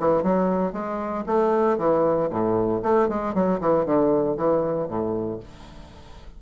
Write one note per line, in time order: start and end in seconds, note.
0.00 0.23 E3
0.23 0.73 F#3
0.73 1.25 G#3
1.26 1.78 A3
1.78 2.30 E3
2.30 2.82 A2
2.83 3.09 A3
3.09 3.34 G#3
3.34 3.60 F#3
3.61 3.86 E3
3.86 4.37 D3
4.37 4.88 E3
4.88 5.40 A2